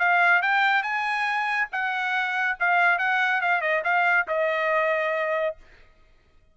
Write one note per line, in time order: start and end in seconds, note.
0.00 0.42 F5
0.42 0.83 G5
0.83 1.69 G#5
1.73 2.58 F#5
2.60 2.99 F5
2.99 3.42 F#5
3.42 3.62 F5
3.62 3.83 D#5
3.85 4.27 F5
4.28 5.57 D#5